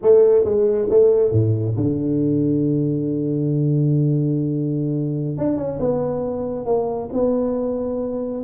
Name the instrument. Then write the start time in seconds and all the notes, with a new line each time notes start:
tuba
0.02 A3
0.44 G#3
0.89 A3
1.31 A2
1.77 D3
5.37 D4
5.56 C#4
5.79 B3
6.65 A#3
7.13 B3